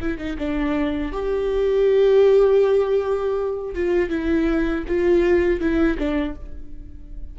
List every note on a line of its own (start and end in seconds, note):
0.00 0.18 E4
0.18 0.37 D#4
0.38 1.12 D4
1.12 3.75 G4
3.75 4.10 F4
4.10 4.85 E4
4.88 5.60 F4
5.60 5.98 E4
5.98 6.36 D4